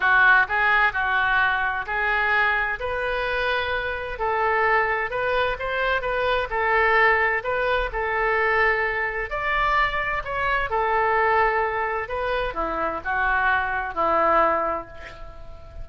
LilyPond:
\new Staff \with { instrumentName = "oboe" } { \time 4/4 \tempo 4 = 129 fis'4 gis'4 fis'2 | gis'2 b'2~ | b'4 a'2 b'4 | c''4 b'4 a'2 |
b'4 a'2. | d''2 cis''4 a'4~ | a'2 b'4 e'4 | fis'2 e'2 | }